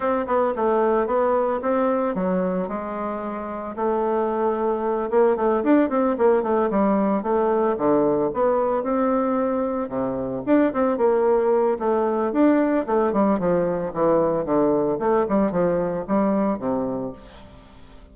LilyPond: \new Staff \with { instrumentName = "bassoon" } { \time 4/4 \tempo 4 = 112 c'8 b8 a4 b4 c'4 | fis4 gis2 a4~ | a4. ais8 a8 d'8 c'8 ais8 | a8 g4 a4 d4 b8~ |
b8 c'2 c4 d'8 | c'8 ais4. a4 d'4 | a8 g8 f4 e4 d4 | a8 g8 f4 g4 c4 | }